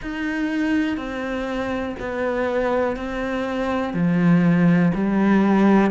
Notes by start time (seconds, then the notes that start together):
0.02 D#4
0.97 C4
1.99 B3
2.96 C4
3.93 F3
4.94 G3